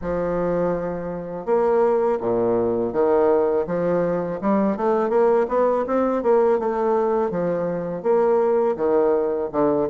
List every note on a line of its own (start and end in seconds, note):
0.01 1.45 F3
1.45 2.19 A#3
2.20 2.92 A#2
2.92 3.66 D#3
3.66 4.39 F3
4.41 4.76 G3
4.76 5.09 A3
5.09 5.46 A#3
5.48 5.85 B3
5.86 6.22 C4
6.22 6.59 A#3
6.59 7.30 A3
7.30 8.02 F3
8.02 8.75 A#3
8.76 9.49 D#3
9.52 9.88 D3